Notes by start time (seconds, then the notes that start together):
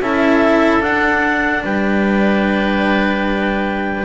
0.00 C#4 E4 A4 E5
0.80 D4 F#5
1.63 G3 B4 G5